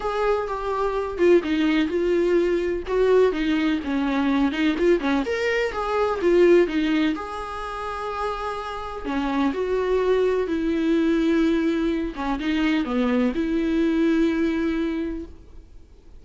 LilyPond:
\new Staff \with { instrumentName = "viola" } { \time 4/4 \tempo 4 = 126 gis'4 g'4. f'8 dis'4 | f'2 fis'4 dis'4 | cis'4. dis'8 f'8 cis'8 ais'4 | gis'4 f'4 dis'4 gis'4~ |
gis'2. cis'4 | fis'2 e'2~ | e'4. cis'8 dis'4 b4 | e'1 | }